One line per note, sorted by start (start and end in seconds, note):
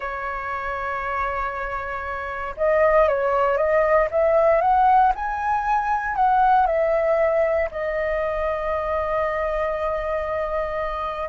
0.00 2.55 C#5
2.56 3.08 D#5
3.08 3.57 C#5
3.57 4.08 D#5
4.10 4.61 E5
4.61 5.12 F#5
5.15 6.15 G#5
6.15 6.66 F#5
6.66 7.69 E5
7.71 11.29 D#5